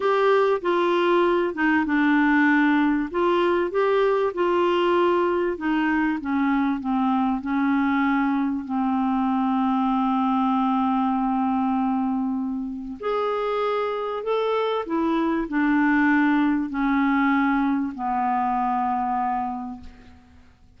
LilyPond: \new Staff \with { instrumentName = "clarinet" } { \time 4/4 \tempo 4 = 97 g'4 f'4. dis'8 d'4~ | d'4 f'4 g'4 f'4~ | f'4 dis'4 cis'4 c'4 | cis'2 c'2~ |
c'1~ | c'4 gis'2 a'4 | e'4 d'2 cis'4~ | cis'4 b2. | }